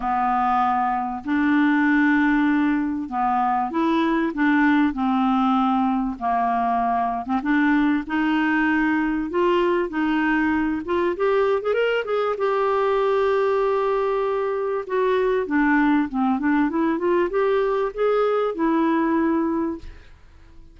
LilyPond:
\new Staff \with { instrumentName = "clarinet" } { \time 4/4 \tempo 4 = 97 b2 d'2~ | d'4 b4 e'4 d'4 | c'2 ais4.~ ais16 c'16 | d'4 dis'2 f'4 |
dis'4. f'8 g'8. gis'16 ais'8 gis'8 | g'1 | fis'4 d'4 c'8 d'8 e'8 f'8 | g'4 gis'4 e'2 | }